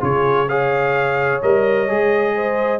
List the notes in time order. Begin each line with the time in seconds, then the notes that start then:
0.00 C#3 F4 G#4 C#5
0.48 G#4 C#5 F5
1.42 G3 A#4 D#5
1.88 G#3 G#4
2.35 C5